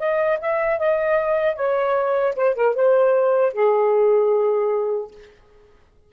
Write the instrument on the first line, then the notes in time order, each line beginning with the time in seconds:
saxophone
0.00 D#5
0.41 E5
0.80 D#5
1.56 C#5
2.36 C5
2.56 A#4
2.76 C5
3.54 G#4